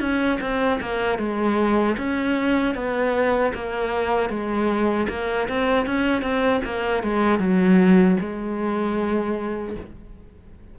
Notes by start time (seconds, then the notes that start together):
0.00 C#4
0.41 C4
0.81 A#3
1.19 G#3
1.98 C#4
2.75 B3
3.54 A#3
4.30 G#3
5.09 A#3
5.49 C4
5.87 C#4
6.22 C4
6.65 A#3
7.03 G#3
7.40 F#3
8.20 G#3